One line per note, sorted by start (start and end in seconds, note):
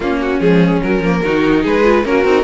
0.00 0.38 A#3
0.00 0.39 A#3
0.00 1.23 C#4
0.00 0.18 F4
0.21 0.40 F#4
0.40 0.81 F3
0.40 0.81 G#3
0.40 0.81 G#4
0.82 1.03 F#3
0.82 1.00 F#3
0.82 1.64 A#4
1.00 1.21 F3
1.00 1.24 A#3
1.23 1.65 D#3
1.23 1.84 D#4
1.23 1.62 F#4
1.62 2.04 G#3
1.62 2.03 G#4
1.62 2.05 B4
1.84 2.04 F4
2.04 2.24 A#3
2.04 2.25 C#4
2.04 2.44 F#4
2.04 2.44 A#4
2.24 2.44 C4
2.24 2.44 D#4